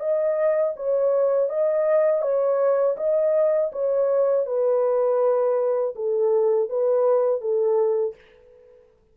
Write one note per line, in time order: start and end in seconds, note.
0.00 0.74 D#5
0.76 1.49 C#5
1.49 2.22 D#5
2.22 2.96 C#5
2.97 3.71 D#5
3.72 4.46 C#5
4.46 5.95 B4
5.96 6.70 A4
6.70 7.41 B4
7.41 8.15 A4